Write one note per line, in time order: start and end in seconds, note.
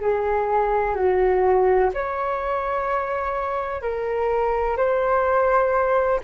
0.00 0.95 G#4
0.95 1.90 F#4
1.94 3.82 C#5
3.82 4.77 A#4
4.77 6.20 C5